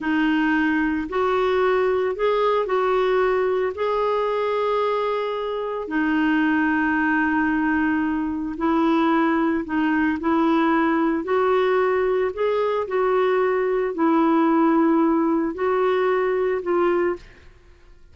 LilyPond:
\new Staff \with { instrumentName = "clarinet" } { \time 4/4 \tempo 4 = 112 dis'2 fis'2 | gis'4 fis'2 gis'4~ | gis'2. dis'4~ | dis'1 |
e'2 dis'4 e'4~ | e'4 fis'2 gis'4 | fis'2 e'2~ | e'4 fis'2 f'4 | }